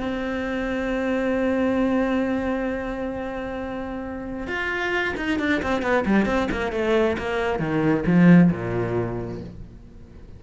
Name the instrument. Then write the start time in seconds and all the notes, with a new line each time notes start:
cello
0.00 C4
4.47 F4
5.17 D#4
5.39 D4
5.63 C4
5.82 B3
6.06 G3
6.26 C4
6.51 A#3
6.72 A3
7.18 A#3
7.59 D#3
8.06 F3
8.51 A#2